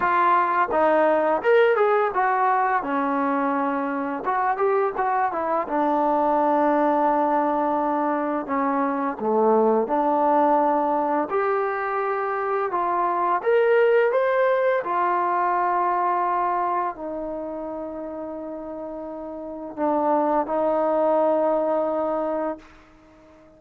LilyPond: \new Staff \with { instrumentName = "trombone" } { \time 4/4 \tempo 4 = 85 f'4 dis'4 ais'8 gis'8 fis'4 | cis'2 fis'8 g'8 fis'8 e'8 | d'1 | cis'4 a4 d'2 |
g'2 f'4 ais'4 | c''4 f'2. | dis'1 | d'4 dis'2. | }